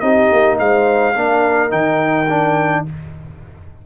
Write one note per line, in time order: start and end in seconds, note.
0.00 0.31 C4
0.00 1.15 D#4
0.00 0.59 G4
0.00 0.57 D#5
0.32 0.60 A#3
0.59 1.16 G#3
0.59 1.14 C5
0.59 1.72 F5
1.14 1.72 A#3
1.14 1.70 D4
1.14 2.84 A#4
1.70 2.85 D#3
1.70 2.26 D#4
1.70 2.85 G5
2.29 2.86 D4